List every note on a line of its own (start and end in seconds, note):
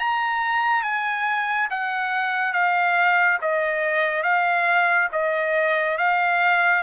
0.00 0.83 A#5
0.83 1.69 G#5
1.71 2.53 F#5
2.53 3.39 F5
3.42 4.24 D#5
4.24 5.09 F5
5.13 5.98 D#5
5.98 6.83 F5